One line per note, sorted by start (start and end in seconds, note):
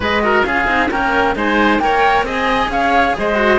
0.00 0.43 G#3
0.00 0.22 G#4
0.00 0.22 B4
0.00 0.44 D#5
0.22 0.44 F#4
0.22 0.46 A#4
0.44 0.67 C#4
0.44 0.67 F4
0.44 0.90 G#4
0.44 0.89 F5
0.67 0.89 C4
0.67 0.89 D#4
0.90 1.35 A#3
0.90 1.35 C#4
0.90 1.35 A#4
0.90 1.36 G5
1.35 1.79 G#3
1.35 1.80 D#4
1.35 1.81 C5
1.35 1.79 G#5
1.79 2.22 A#3
1.79 2.26 A#4
1.79 2.25 C#5
1.79 2.24 G5
2.22 2.67 C4
2.22 3.35 G#4
2.22 2.70 D#5
2.22 2.71 G#5
2.68 3.13 C#4
2.68 3.16 C#5
2.68 3.16 F5
3.18 3.59 G#3
3.18 3.59 C5
3.18 3.59 D#5
3.35 3.57 F#4